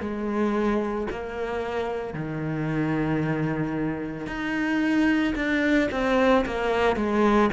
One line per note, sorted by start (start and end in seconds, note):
0.00 1.07 G#3
1.11 2.14 A#3
2.14 4.27 D#3
4.27 5.34 D#4
5.35 5.89 D4
5.91 6.45 C4
6.45 6.96 A#3
6.96 7.50 G#3